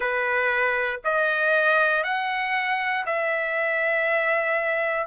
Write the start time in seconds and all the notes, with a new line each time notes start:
0.00 B4
1.04 D#5
2.03 F#5
3.06 E5